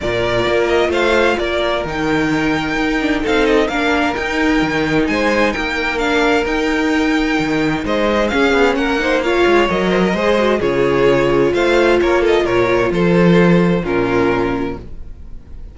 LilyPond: <<
  \new Staff \with { instrumentName = "violin" } { \time 4/4 \tempo 4 = 130 d''4. dis''8 f''4 d''4 | g''2. f''8 dis''8 | f''4 g''2 gis''4 | g''4 f''4 g''2~ |
g''4 dis''4 f''4 fis''4 | f''4 dis''2 cis''4~ | cis''4 f''4 cis''8 dis''8 cis''4 | c''2 ais'2 | }
  \new Staff \with { instrumentName = "violin" } { \time 4/4 ais'2 c''4 ais'4~ | ais'2. a'4 | ais'2. c''4 | ais'1~ |
ais'4 c''4 gis'4 ais'8 c''8 | cis''4. c''16 ais'16 c''4 gis'4~ | gis'4 c''4 ais'8 a'8 ais'4 | a'2 f'2 | }
  \new Staff \with { instrumentName = "viola" } { \time 4/4 f'1 | dis'2~ dis'8 d'8 dis'4 | d'4 dis'2.~ | dis'4 d'4 dis'2~ |
dis'2 cis'4. dis'8 | f'4 ais'4 gis'8 fis'8 f'4~ | f'1~ | f'2 cis'2 | }
  \new Staff \with { instrumentName = "cello" } { \time 4/4 ais,4 ais4 a4 ais4 | dis2 dis'4 c'4 | ais4 dis'4 dis4 gis4 | ais2 dis'2 |
dis4 gis4 cis'8 b8 ais4~ | ais8 gis8 fis4 gis4 cis4~ | cis4 a4 ais4 ais,4 | f2 ais,2 | }
>>